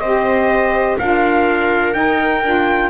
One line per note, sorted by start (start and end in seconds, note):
0.00 0.98 C4
0.00 1.00 G4
0.00 0.98 C5
0.00 0.97 D#5
0.98 1.96 D4
0.98 1.93 F4
0.98 2.91 A#4
0.98 1.94 F5
1.93 2.41 D#4
1.93 2.44 D#4
1.93 2.91 G5
2.44 2.91 D4
2.44 2.91 F4